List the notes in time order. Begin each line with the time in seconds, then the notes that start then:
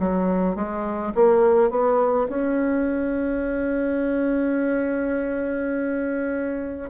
0.00 F#3
0.56 G#3
1.15 A#3
1.70 B3
2.29 C#4